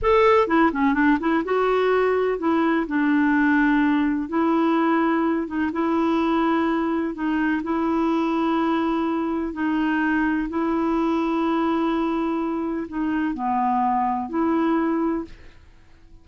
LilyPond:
\new Staff \with { instrumentName = "clarinet" } { \time 4/4 \tempo 4 = 126 a'4 e'8 cis'8 d'8 e'8 fis'4~ | fis'4 e'4 d'2~ | d'4 e'2~ e'8 dis'8 | e'2. dis'4 |
e'1 | dis'2 e'2~ | e'2. dis'4 | b2 e'2 | }